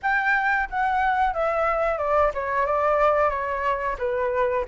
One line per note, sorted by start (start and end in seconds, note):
0.02 0.68 G5
0.69 1.33 F#5
1.33 1.98 E5
1.98 2.31 D5
2.33 2.65 C#5
2.65 3.29 D5
3.29 3.96 C#5
3.98 4.65 B4